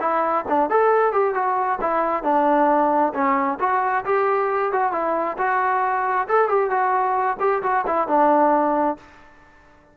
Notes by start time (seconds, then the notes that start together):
0.00 E4
0.48 D4
0.70 A4
1.12 G4
1.34 F#4
1.81 E4
2.23 D4
3.14 C#4
3.60 F#4
4.05 G4
4.72 F#4
4.92 E4
5.38 F#4
6.28 A4
6.49 G4
6.70 F#4
7.40 G4
7.63 F#4
7.86 E4
8.08 D4